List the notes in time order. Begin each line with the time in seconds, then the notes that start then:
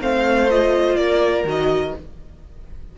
0.00 A3 C4 C5 F5
0.49 F4 D#5
0.95 A#3 A#4 D5
1.43 D#3 F#4 D#5